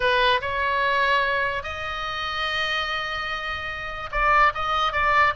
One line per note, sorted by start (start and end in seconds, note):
0.00 0.41 B4
0.41 1.63 C#5
1.63 4.09 D#5
4.11 4.52 D5
4.54 4.92 D#5
4.92 5.33 D5